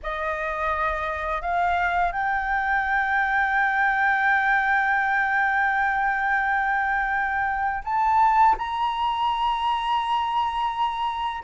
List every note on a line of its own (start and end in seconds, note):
0.02 1.41 D#5
1.41 2.11 F5
2.11 7.83 G5
7.84 8.55 A5
8.57 11.43 A#5